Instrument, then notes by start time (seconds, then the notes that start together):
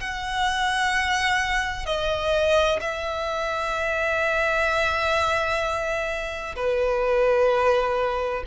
violin
0.00 F#5
1.85 D#5
2.80 E5
6.55 B4